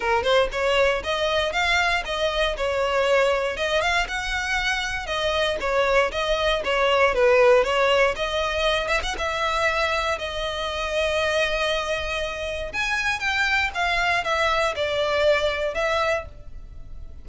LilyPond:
\new Staff \with { instrumentName = "violin" } { \time 4/4 \tempo 4 = 118 ais'8 c''8 cis''4 dis''4 f''4 | dis''4 cis''2 dis''8 f''8 | fis''2 dis''4 cis''4 | dis''4 cis''4 b'4 cis''4 |
dis''4. e''16 fis''16 e''2 | dis''1~ | dis''4 gis''4 g''4 f''4 | e''4 d''2 e''4 | }